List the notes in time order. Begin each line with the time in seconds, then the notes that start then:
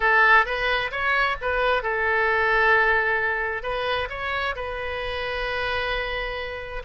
0.00 A4
0.45 B4
0.91 C#5
1.41 B4
1.82 A4
3.62 B4
4.09 C#5
4.55 B4